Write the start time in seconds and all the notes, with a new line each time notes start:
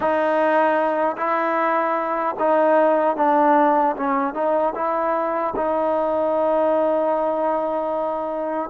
0.00 D#4
1.17 E4
2.39 D#4
3.16 D4
3.96 C#4
4.34 D#4
4.75 E4
5.56 D#4